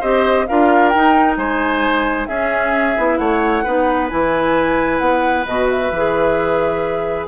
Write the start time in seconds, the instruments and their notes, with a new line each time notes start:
0.00 bassoon C4, clarinet G4, oboe C5, flute D#5
0.47 bassoon D4, clarinet F4, oboe A#4, flute F5
0.88 clarinet D#4, flute G5
0.95 bassoon D#4
1.37 bassoon G#3, oboe C5, flute G#5
2.26 bassoon C#4, clarinet C#4, oboe G#4, flute E5
2.97 bassoon B3, clarinet E4
3.17 bassoon A3, oboe C#5, flute F#5
3.63 bassoon B3, clarinet D#4, oboe B4
4.09 bassoon E3, clarinet E4, flute G#5
4.98 bassoon B3, flute F#5
5.45 bassoon B2, clarinet F#4, flute D#5
5.69 flute E5
5.91 bassoon E3, clarinet G#4